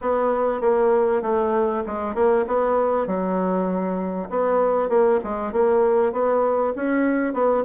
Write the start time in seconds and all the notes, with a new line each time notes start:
0.01 B3
0.60 A#3
1.22 A3
1.86 G#3
2.14 A#3
2.47 B3
3.06 F#3
4.29 B3
4.89 A#3
5.23 G#3
5.52 A#3
6.12 B3
6.75 C#4
7.33 B3